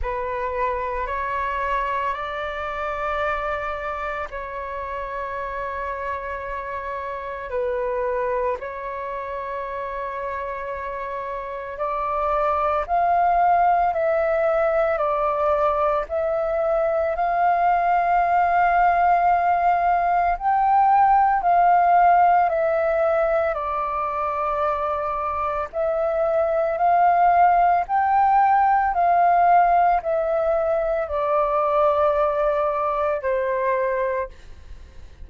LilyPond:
\new Staff \with { instrumentName = "flute" } { \time 4/4 \tempo 4 = 56 b'4 cis''4 d''2 | cis''2. b'4 | cis''2. d''4 | f''4 e''4 d''4 e''4 |
f''2. g''4 | f''4 e''4 d''2 | e''4 f''4 g''4 f''4 | e''4 d''2 c''4 | }